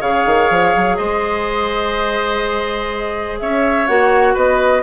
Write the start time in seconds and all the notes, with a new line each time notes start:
0.00 C#3 G#4 C#5 F5
0.26 D#3
0.50 F3
0.75 F#3
0.96 G#3 C5 D#5
3.39 C#4 C#5 E5
3.87 A#3 F#4 F#5
4.34 B3 B4 D#5